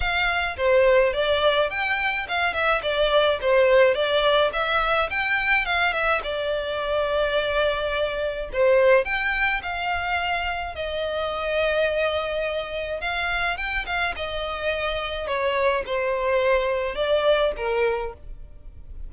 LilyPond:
\new Staff \with { instrumentName = "violin" } { \time 4/4 \tempo 4 = 106 f''4 c''4 d''4 g''4 | f''8 e''8 d''4 c''4 d''4 | e''4 g''4 f''8 e''8 d''4~ | d''2. c''4 |
g''4 f''2 dis''4~ | dis''2. f''4 | g''8 f''8 dis''2 cis''4 | c''2 d''4 ais'4 | }